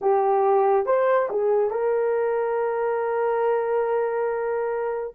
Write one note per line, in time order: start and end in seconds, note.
0.01 0.86 G4
0.86 1.29 C5
1.29 1.70 G#4
1.70 5.13 A#4